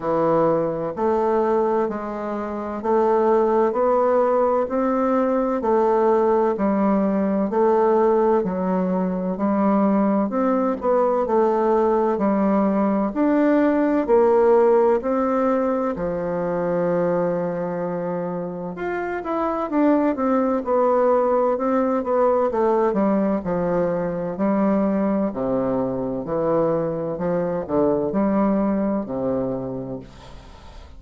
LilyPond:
\new Staff \with { instrumentName = "bassoon" } { \time 4/4 \tempo 4 = 64 e4 a4 gis4 a4 | b4 c'4 a4 g4 | a4 fis4 g4 c'8 b8 | a4 g4 d'4 ais4 |
c'4 f2. | f'8 e'8 d'8 c'8 b4 c'8 b8 | a8 g8 f4 g4 c4 | e4 f8 d8 g4 c4 | }